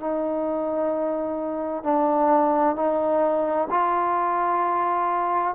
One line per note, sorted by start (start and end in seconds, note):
0.00 1.83 D#4
1.83 2.76 D4
2.76 3.68 D#4
3.70 5.55 F4